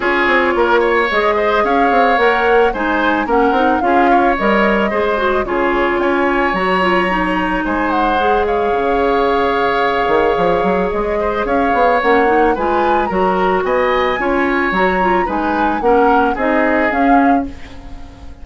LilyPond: <<
  \new Staff \with { instrumentName = "flute" } { \time 4/4 \tempo 4 = 110 cis''2 dis''4 f''4 | fis''4 gis''4 fis''4 f''4 | dis''2 cis''4 gis''4 | ais''2 gis''8 fis''4 f''8~ |
f''1 | dis''4 f''4 fis''4 gis''4 | ais''4 gis''2 ais''4 | gis''4 fis''4 dis''4 f''4 | }
  \new Staff \with { instrumentName = "oboe" } { \time 4/4 gis'4 ais'8 cis''4 c''8 cis''4~ | cis''4 c''4 ais'4 gis'8 cis''8~ | cis''4 c''4 gis'4 cis''4~ | cis''2 c''4. cis''8~ |
cis''1~ | cis''8 c''8 cis''2 b'4 | ais'4 dis''4 cis''2 | b'4 ais'4 gis'2 | }
  \new Staff \with { instrumentName = "clarinet" } { \time 4/4 f'2 gis'2 | ais'4 dis'4 cis'8 dis'8 f'4 | ais'4 gis'8 fis'8 f'2 | fis'8 f'8 dis'2 gis'4~ |
gis'1~ | gis'2 cis'8 dis'8 f'4 | fis'2 f'4 fis'8 f'8 | dis'4 cis'4 dis'4 cis'4 | }
  \new Staff \with { instrumentName = "bassoon" } { \time 4/4 cis'8 c'8 ais4 gis4 cis'8 c'8 | ais4 gis4 ais8 c'8 cis'4 | g4 gis4 cis4 cis'4 | fis2 gis2 |
cis2~ cis8 dis8 f8 fis8 | gis4 cis'8 b8 ais4 gis4 | fis4 b4 cis'4 fis4 | gis4 ais4 c'4 cis'4 | }
>>